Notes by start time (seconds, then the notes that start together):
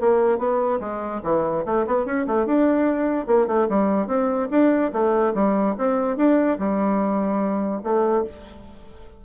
0.00 A#3
0.38 B3
0.80 G#3
1.23 E3
1.65 A3
1.86 B3
2.05 C#4
2.26 A3
2.46 D4
3.27 A#3
3.47 A3
3.69 G3
4.07 C4
4.50 D4
4.92 A3
5.34 G3
5.78 C4
6.17 D4
6.58 G3
7.83 A3